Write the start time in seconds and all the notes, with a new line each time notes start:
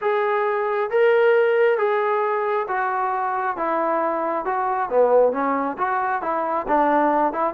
0.01 G#4
0.90 A#4
1.78 G#4
2.68 F#4
3.56 E4
4.45 F#4
4.89 B3
5.32 C#4
5.77 F#4
6.22 E4
6.68 D4
7.33 E4